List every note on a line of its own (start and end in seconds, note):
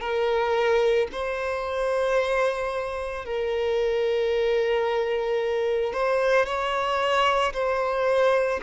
0.00 1.07 A#4
1.12 3.25 C5
3.25 5.93 A#4
5.93 6.45 C5
6.45 7.52 C#5
7.53 8.60 C5